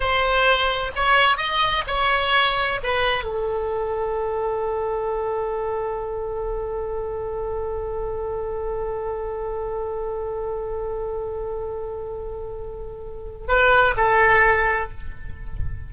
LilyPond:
\new Staff \with { instrumentName = "oboe" } { \time 4/4 \tempo 4 = 129 c''2 cis''4 dis''4 | cis''2 b'4 a'4~ | a'1~ | a'1~ |
a'1~ | a'1~ | a'1~ | a'4 b'4 a'2 | }